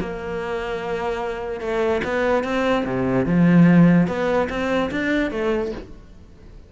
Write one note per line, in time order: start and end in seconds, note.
0.00 1.60 A#3
1.60 2.01 A3
2.04 2.44 B3
2.44 2.84 C4
2.85 3.26 C3
3.26 4.07 F3
4.07 4.48 B3
4.50 4.90 C4
4.91 5.31 D4
5.31 5.72 A3